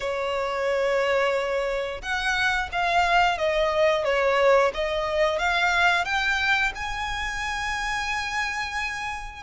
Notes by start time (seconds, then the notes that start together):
0.00 C#5
2.02 F#5
2.72 F5
3.38 D#5
4.04 C#5
4.74 D#5
5.38 F5
6.05 G5
6.75 G#5